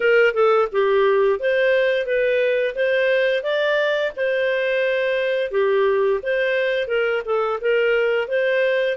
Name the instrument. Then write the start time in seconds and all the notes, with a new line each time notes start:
clarinet
0.00 A#4
0.34 A4
0.71 G4
1.39 C5
2.06 B4
2.75 C5
3.43 D5
4.16 C5
5.51 G4
6.22 C5
6.87 A#4
7.25 A4
7.60 A#4
8.28 C5